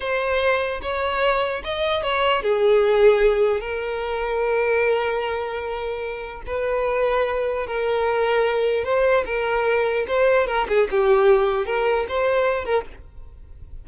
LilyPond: \new Staff \with { instrumentName = "violin" } { \time 4/4 \tempo 4 = 149 c''2 cis''2 | dis''4 cis''4 gis'2~ | gis'4 ais'2.~ | ais'1 |
b'2. ais'4~ | ais'2 c''4 ais'4~ | ais'4 c''4 ais'8 gis'8 g'4~ | g'4 ais'4 c''4. ais'8 | }